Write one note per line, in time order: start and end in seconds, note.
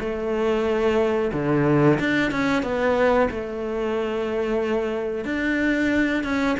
0.00 1.32 A3
1.33 1.99 D3
2.00 2.31 D4
2.31 2.63 C#4
2.63 3.29 B3
3.31 5.25 A3
5.25 6.24 D4
6.24 6.57 C#4